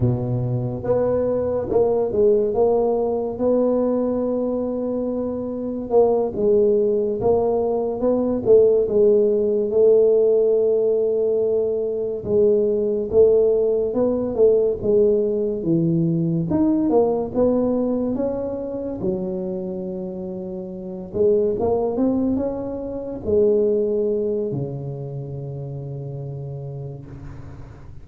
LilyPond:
\new Staff \with { instrumentName = "tuba" } { \time 4/4 \tempo 4 = 71 b,4 b4 ais8 gis8 ais4 | b2. ais8 gis8~ | gis8 ais4 b8 a8 gis4 a8~ | a2~ a8 gis4 a8~ |
a8 b8 a8 gis4 e4 dis'8 | ais8 b4 cis'4 fis4.~ | fis4 gis8 ais8 c'8 cis'4 gis8~ | gis4 cis2. | }